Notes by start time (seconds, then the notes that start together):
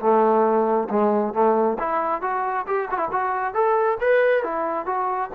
0.00 A3
0.89 G#3
1.34 A3
1.79 E4
2.22 F#4
2.67 G4
2.91 F#4
2.97 E4
3.11 F#4
3.54 A4
4.00 B4
4.43 E4
4.86 F#4